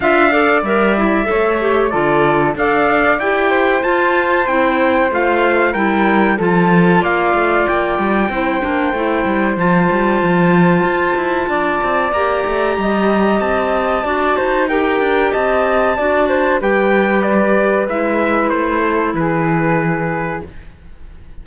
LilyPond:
<<
  \new Staff \with { instrumentName = "trumpet" } { \time 4/4 \tempo 4 = 94 f''4 e''2 d''4 | f''4 g''4 a''4 g''4 | f''4 g''4 a''4 f''4 | g''2. a''4~ |
a''2. ais''4~ | ais''4 a''2 g''4 | a''2 g''4 d''4 | e''4 c''4 b'2 | }
  \new Staff \with { instrumentName = "flute" } { \time 4/4 e''8 d''4. cis''4 a'4 | d''4. c''2~ c''8~ | c''4 ais'4 a'4 d''4~ | d''4 c''2.~ |
c''2 d''2 | dis''2 d''8 c''8 ais'4 | dis''4 d''8 c''8 b'2~ | b'4. a'8 gis'2 | }
  \new Staff \with { instrumentName = "clarinet" } { \time 4/4 f'8 a'8 ais'8 e'8 a'8 g'8 f'4 | a'4 g'4 f'4 e'4 | f'4 e'4 f'2~ | f'4 e'8 d'8 e'4 f'4~ |
f'2. g'4~ | g'2 fis'4 g'4~ | g'4 fis'4 g'2 | e'1 | }
  \new Staff \with { instrumentName = "cello" } { \time 4/4 d'4 g4 a4 d4 | d'4 e'4 f'4 c'4 | a4 g4 f4 ais8 a8 | ais8 g8 c'8 ais8 a8 g8 f8 g8 |
f4 f'8 e'8 d'8 c'8 ais8 a8 | g4 c'4 d'8 dis'4 d'8 | c'4 d'4 g2 | gis4 a4 e2 | }
>>